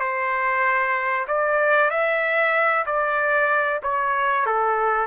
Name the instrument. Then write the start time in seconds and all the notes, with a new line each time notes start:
trumpet
0.00 C5
1.27 D5
1.90 E5
2.86 D5
3.83 C#5
4.46 A4